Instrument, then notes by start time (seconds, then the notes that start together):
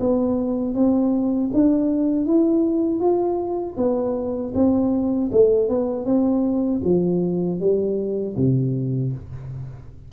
tuba
0.00 B3
0.75 C4
1.53 D4
2.26 E4
3.00 F4
3.77 B3
4.55 C4
5.32 A3
5.69 B3
6.06 C4
6.84 F3
7.60 G3
8.36 C3